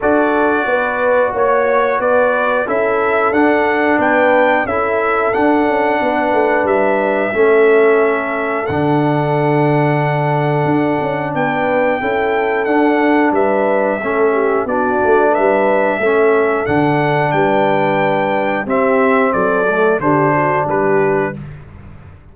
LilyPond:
<<
  \new Staff \with { instrumentName = "trumpet" } { \time 4/4 \tempo 4 = 90 d''2 cis''4 d''4 | e''4 fis''4 g''4 e''4 | fis''2 e''2~ | e''4 fis''2.~ |
fis''4 g''2 fis''4 | e''2 d''4 e''4~ | e''4 fis''4 g''2 | e''4 d''4 c''4 b'4 | }
  \new Staff \with { instrumentName = "horn" } { \time 4/4 a'4 b'4 cis''4 b'4 | a'2 b'4 a'4~ | a'4 b'2 a'4~ | a'1~ |
a'4 b'4 a'2 | b'4 a'8 g'8 fis'4 b'4 | a'2 b'2 | g'4 a'4 g'8 fis'8 g'4 | }
  \new Staff \with { instrumentName = "trombone" } { \time 4/4 fis'1 | e'4 d'2 e'4 | d'2. cis'4~ | cis'4 d'2.~ |
d'2 e'4 d'4~ | d'4 cis'4 d'2 | cis'4 d'2. | c'4. a8 d'2 | }
  \new Staff \with { instrumentName = "tuba" } { \time 4/4 d'4 b4 ais4 b4 | cis'4 d'4 b4 cis'4 | d'8 cis'8 b8 a8 g4 a4~ | a4 d2. |
d'8 cis'8 b4 cis'4 d'4 | g4 a4 b8 a8 g4 | a4 d4 g2 | c'4 fis4 d4 g4 | }
>>